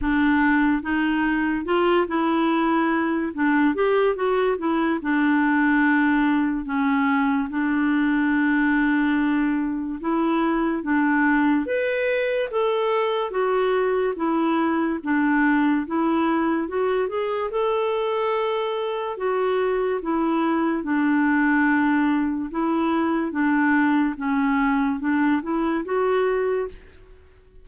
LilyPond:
\new Staff \with { instrumentName = "clarinet" } { \time 4/4 \tempo 4 = 72 d'4 dis'4 f'8 e'4. | d'8 g'8 fis'8 e'8 d'2 | cis'4 d'2. | e'4 d'4 b'4 a'4 |
fis'4 e'4 d'4 e'4 | fis'8 gis'8 a'2 fis'4 | e'4 d'2 e'4 | d'4 cis'4 d'8 e'8 fis'4 | }